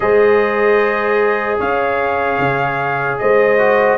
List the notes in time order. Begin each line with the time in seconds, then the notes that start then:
0.00 G#3 G#4 C5 D#5
1.59 C#4 C#5 F5
2.39 C#3
3.18 G#3 C5 D#5
3.58 F#4